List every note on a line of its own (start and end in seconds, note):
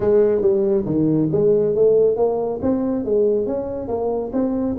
0.00 0.41 G#3
0.41 0.85 G3
0.85 1.29 D#3
1.32 1.75 G#3
1.75 2.16 A3
2.16 2.59 A#3
2.62 3.04 C4
3.04 3.46 G#3
3.46 3.88 C#4
3.88 4.31 A#3
4.32 4.76 C4